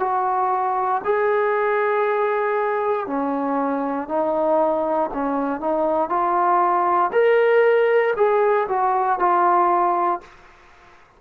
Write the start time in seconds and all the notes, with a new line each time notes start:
0.00 F#4
1.04 G#4
3.07 C#4
4.09 D#4
5.14 C#4
5.61 D#4
6.09 F4
7.12 A#4
8.17 G#4
8.69 F#4
9.19 F4